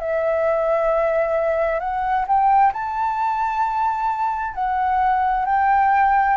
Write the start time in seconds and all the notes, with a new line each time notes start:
0.00 E5
1.80 F#5
2.27 G5
2.73 A5
4.55 F#5
5.46 G5